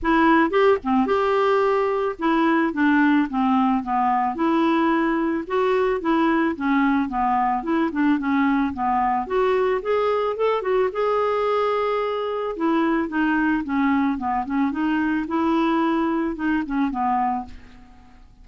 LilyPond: \new Staff \with { instrumentName = "clarinet" } { \time 4/4 \tempo 4 = 110 e'4 g'8 c'8 g'2 | e'4 d'4 c'4 b4 | e'2 fis'4 e'4 | cis'4 b4 e'8 d'8 cis'4 |
b4 fis'4 gis'4 a'8 fis'8 | gis'2. e'4 | dis'4 cis'4 b8 cis'8 dis'4 | e'2 dis'8 cis'8 b4 | }